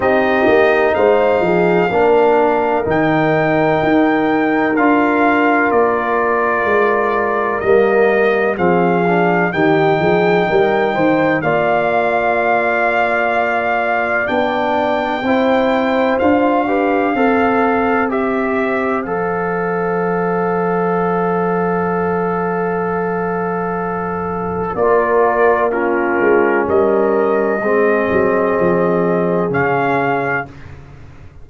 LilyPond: <<
  \new Staff \with { instrumentName = "trumpet" } { \time 4/4 \tempo 4 = 63 dis''4 f''2 g''4~ | g''4 f''4 d''2 | dis''4 f''4 g''2 | f''2. g''4~ |
g''4 f''2 e''4 | f''1~ | f''2 d''4 ais'4 | dis''2. f''4 | }
  \new Staff \with { instrumentName = "horn" } { \time 4/4 g'4 c''8 gis'8 ais'2~ | ais'1~ | ais'4 gis'4 g'8 gis'8 ais'8 c''8 | d''1 |
c''4. b'8 c''2~ | c''1~ | c''2 ais'4 f'4 | ais'4 gis'2. | }
  \new Staff \with { instrumentName = "trombone" } { \time 4/4 dis'2 d'4 dis'4~ | dis'4 f'2. | ais4 c'8 d'8 dis'2 | f'2. d'4 |
e'4 f'8 g'8 a'4 g'4 | a'1~ | a'2 f'4 cis'4~ | cis'4 c'2 cis'4 | }
  \new Staff \with { instrumentName = "tuba" } { \time 4/4 c'8 ais8 gis8 f8 ais4 dis4 | dis'4 d'4 ais4 gis4 | g4 f4 dis8 f8 g8 dis8 | ais2. b4 |
c'4 d'4 c'2 | f1~ | f2 ais4. gis8 | g4 gis8 fis8 f4 cis4 | }
>>